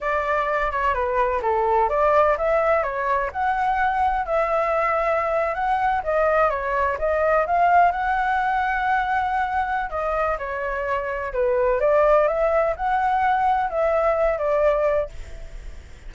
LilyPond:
\new Staff \with { instrumentName = "flute" } { \time 4/4 \tempo 4 = 127 d''4. cis''8 b'4 a'4 | d''4 e''4 cis''4 fis''4~ | fis''4 e''2~ e''8. fis''16~ | fis''8. dis''4 cis''4 dis''4 f''16~ |
f''8. fis''2.~ fis''16~ | fis''4 dis''4 cis''2 | b'4 d''4 e''4 fis''4~ | fis''4 e''4. d''4. | }